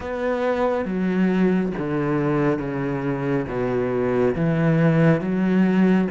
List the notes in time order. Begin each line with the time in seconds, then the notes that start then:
0.00 B3
0.85 F#3
1.77 D3
2.58 C#3
3.47 B2
4.35 E3
5.21 F#3